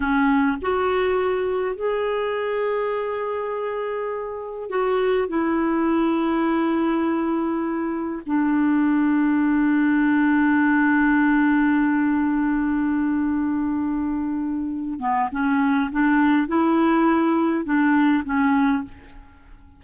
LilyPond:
\new Staff \with { instrumentName = "clarinet" } { \time 4/4 \tempo 4 = 102 cis'4 fis'2 gis'4~ | gis'1 | fis'4 e'2.~ | e'2 d'2~ |
d'1~ | d'1~ | d'4. b8 cis'4 d'4 | e'2 d'4 cis'4 | }